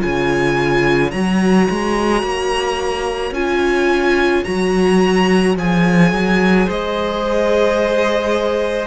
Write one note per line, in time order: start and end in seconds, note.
0.00 1.13 C#3
0.00 1.11 F4
0.00 6.67 C#5
0.00 1.12 G#5
1.12 1.69 F#3
1.12 3.35 F#4
1.12 3.34 A#5
1.70 2.23 G#3
2.23 3.32 A#3
3.32 4.43 C#4
3.32 4.44 F4
3.32 4.44 G#5
4.44 5.57 F#3
4.44 5.56 F#4
4.44 5.56 A#5
5.57 6.12 F3
5.57 8.87 G#4
5.57 6.70 G#5
6.12 6.68 F#3
6.67 8.87 G#3
6.67 8.87 C5
6.67 8.87 D#5